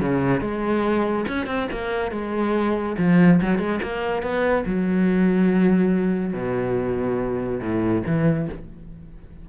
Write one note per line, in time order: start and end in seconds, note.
0.00 0.40 C#3
0.40 1.25 G#3
1.28 1.46 C#4
1.46 1.67 C4
1.71 2.11 A#3
2.11 2.96 G#3
2.98 3.40 F3
3.41 3.58 F#3
3.58 3.79 G#3
3.82 4.22 A#3
4.22 4.64 B3
4.66 6.33 F#3
6.33 7.60 B2
7.60 8.02 A2
8.06 8.48 E3